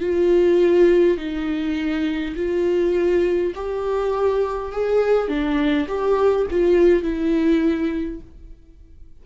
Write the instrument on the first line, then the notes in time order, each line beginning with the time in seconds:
viola
0.00 F4
1.18 D#4
2.36 F4
3.55 G4
4.72 G#4
5.28 D4
5.88 G4
6.51 F4
7.03 E4